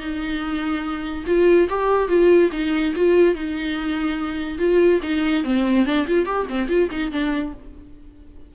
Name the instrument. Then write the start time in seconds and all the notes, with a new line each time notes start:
viola
0.00 D#4
1.27 F4
1.70 G4
2.09 F4
2.52 D#4
2.96 F4
3.35 D#4
4.59 F4
5.03 D#4
5.45 C4
5.86 D4
6.07 F4
6.26 G4
6.50 C4
6.69 F4
6.91 D#4
7.12 D4